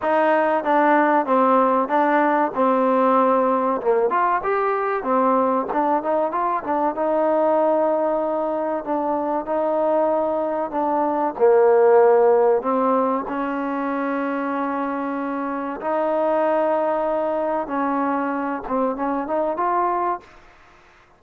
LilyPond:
\new Staff \with { instrumentName = "trombone" } { \time 4/4 \tempo 4 = 95 dis'4 d'4 c'4 d'4 | c'2 ais8 f'8 g'4 | c'4 d'8 dis'8 f'8 d'8 dis'4~ | dis'2 d'4 dis'4~ |
dis'4 d'4 ais2 | c'4 cis'2.~ | cis'4 dis'2. | cis'4. c'8 cis'8 dis'8 f'4 | }